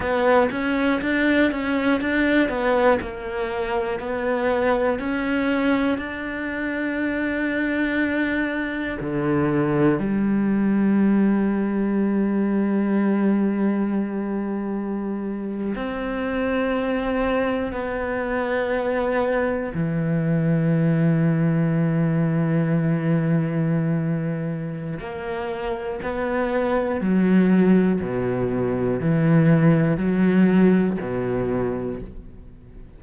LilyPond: \new Staff \with { instrumentName = "cello" } { \time 4/4 \tempo 4 = 60 b8 cis'8 d'8 cis'8 d'8 b8 ais4 | b4 cis'4 d'2~ | d'4 d4 g2~ | g2.~ g8. c'16~ |
c'4.~ c'16 b2 e16~ | e1~ | e4 ais4 b4 fis4 | b,4 e4 fis4 b,4 | }